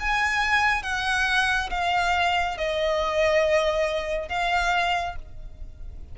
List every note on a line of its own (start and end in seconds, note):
0.00 0.83 G#5
0.83 1.70 F#5
1.70 2.57 F5
2.58 4.29 D#5
4.29 5.16 F5